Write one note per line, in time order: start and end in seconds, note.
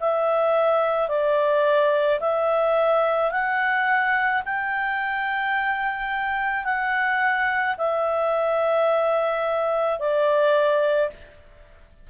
0.00 1.09 E5
1.09 2.20 D5
2.20 3.31 E5
3.31 4.42 F#5
4.45 6.65 G5
6.65 7.76 F#5
7.78 9.99 E5
9.99 11.10 D5